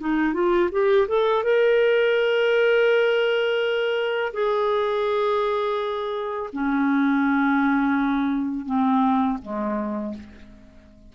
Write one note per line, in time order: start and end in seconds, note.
0.00 0.34 D#4
0.34 0.70 F4
0.72 1.08 G4
1.08 1.44 A4
1.44 4.33 A#4
4.33 6.50 G#4
6.53 8.65 C#4
8.65 9.38 C4
9.42 10.14 G#3